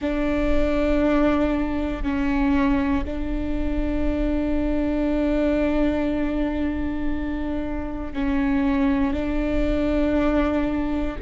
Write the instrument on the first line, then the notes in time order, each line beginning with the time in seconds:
viola
0.01 D4
2.02 C#4
3.05 D4
8.13 C#4
9.12 D4